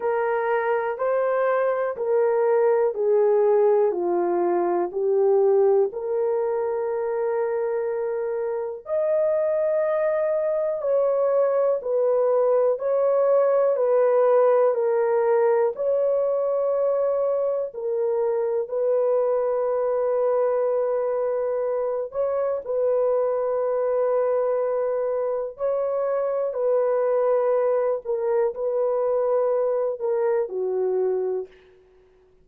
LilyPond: \new Staff \with { instrumentName = "horn" } { \time 4/4 \tempo 4 = 61 ais'4 c''4 ais'4 gis'4 | f'4 g'4 ais'2~ | ais'4 dis''2 cis''4 | b'4 cis''4 b'4 ais'4 |
cis''2 ais'4 b'4~ | b'2~ b'8 cis''8 b'4~ | b'2 cis''4 b'4~ | b'8 ais'8 b'4. ais'8 fis'4 | }